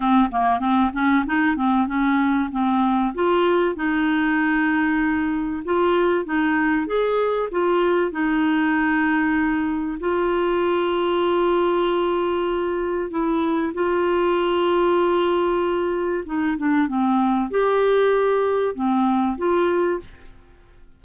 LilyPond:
\new Staff \with { instrumentName = "clarinet" } { \time 4/4 \tempo 4 = 96 c'8 ais8 c'8 cis'8 dis'8 c'8 cis'4 | c'4 f'4 dis'2~ | dis'4 f'4 dis'4 gis'4 | f'4 dis'2. |
f'1~ | f'4 e'4 f'2~ | f'2 dis'8 d'8 c'4 | g'2 c'4 f'4 | }